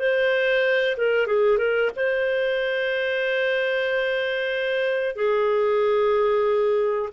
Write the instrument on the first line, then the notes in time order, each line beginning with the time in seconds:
clarinet
0.00 C5
0.98 A#4
1.27 G#4
1.58 A#4
1.96 C5
5.16 G#4